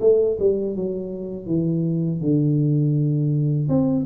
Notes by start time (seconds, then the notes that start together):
0.00 A3
0.39 G3
0.76 F#3
1.46 E3
2.21 D3
3.68 C4